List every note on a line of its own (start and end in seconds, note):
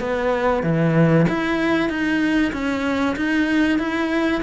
0.00 0.63 B3
0.63 1.26 E3
1.29 1.89 E4
1.89 2.52 D#4
2.53 3.16 C#4
3.16 3.78 D#4
3.78 4.42 E4